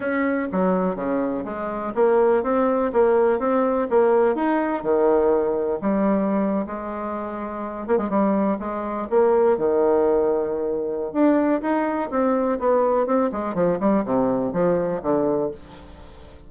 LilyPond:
\new Staff \with { instrumentName = "bassoon" } { \time 4/4 \tempo 4 = 124 cis'4 fis4 cis4 gis4 | ais4 c'4 ais4 c'4 | ais4 dis'4 dis2 | g4.~ g16 gis2~ gis16~ |
gis16 ais16 gis16 g4 gis4 ais4 dis16~ | dis2. d'4 | dis'4 c'4 b4 c'8 gis8 | f8 g8 c4 f4 d4 | }